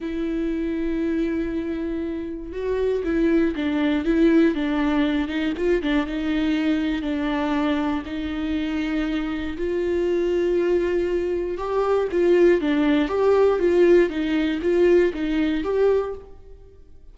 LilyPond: \new Staff \with { instrumentName = "viola" } { \time 4/4 \tempo 4 = 119 e'1~ | e'4 fis'4 e'4 d'4 | e'4 d'4. dis'8 f'8 d'8 | dis'2 d'2 |
dis'2. f'4~ | f'2. g'4 | f'4 d'4 g'4 f'4 | dis'4 f'4 dis'4 g'4 | }